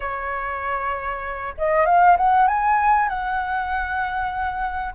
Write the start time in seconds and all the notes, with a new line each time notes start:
0.00 C#5
1.57 D#5
1.85 F5
2.17 F#5
2.47 G#5
3.08 F#5